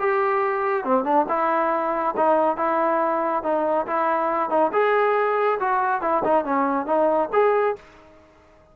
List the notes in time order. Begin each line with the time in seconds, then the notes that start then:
0.00 G4
0.85 C4
1.05 D4
1.29 E4
2.17 D#4
2.57 E4
3.44 D#4
3.87 E4
4.50 D#4
4.73 G#4
5.60 F#4
6.02 E4
6.25 D#4
6.45 C#4
6.87 D#4
7.33 G#4